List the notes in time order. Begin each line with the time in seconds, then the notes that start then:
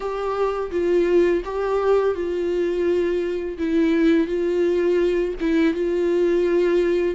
0.00 G4
0.71 F4
1.44 G4
2.14 F4
3.57 E4
4.27 F4
5.40 E4
5.73 F4